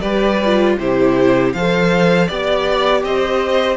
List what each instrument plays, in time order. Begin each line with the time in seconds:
0.00 cello G3, viola G4, violin B4 D5
0.44 viola F4
0.78 cello C3, viola E4, violin G4 C5
1.53 cello F3, viola A4, violin C5 F5
2.26 cello B3, viola G4, violin D5
3.03 cello C4, violin C5 D#5